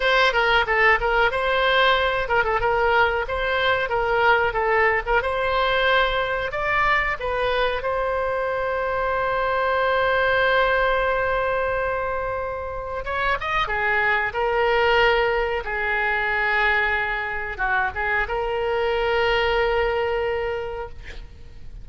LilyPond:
\new Staff \with { instrumentName = "oboe" } { \time 4/4 \tempo 4 = 92 c''8 ais'8 a'8 ais'8 c''4. ais'16 a'16 | ais'4 c''4 ais'4 a'8. ais'16 | c''2 d''4 b'4 | c''1~ |
c''1 | cis''8 dis''8 gis'4 ais'2 | gis'2. fis'8 gis'8 | ais'1 | }